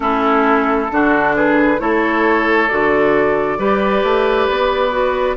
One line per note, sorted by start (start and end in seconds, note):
0.00 0.89 A3
0.00 0.88 C#4
0.00 0.91 E4
0.00 1.34 A4
0.91 1.80 D3
0.91 1.78 D4
0.91 1.35 F#4
1.35 1.80 G#4
1.35 1.80 B4
1.78 2.69 A3
1.78 2.68 E4
1.78 3.59 A4
1.78 2.68 C#5
2.68 3.57 D3
2.68 3.58 F#4
2.68 5.36 D5
3.57 4.02 G3
3.57 4.90 G4
3.57 5.36 B4
4.03 4.47 A3
4.49 5.36 B3
4.90 5.35 F#4